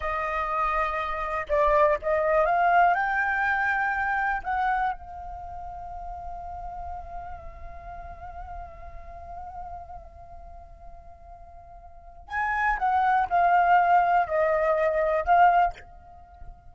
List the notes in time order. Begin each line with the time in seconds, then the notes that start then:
0.00 D#5
1.49 D5
2.02 D#5
2.45 F5
2.94 G5
4.43 F#5
4.92 F5
12.28 G#5
12.78 F#5
13.29 F5
14.26 D#5
15.24 F5